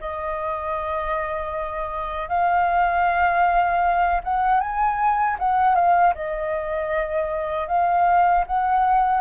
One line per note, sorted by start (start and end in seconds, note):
0.00 2.29 D#5
2.29 4.21 F5
4.24 4.60 F#5
4.60 5.37 G#5
5.39 5.75 F#5
5.75 6.13 F5
6.15 7.68 D#5
7.68 8.45 F5
8.47 9.21 F#5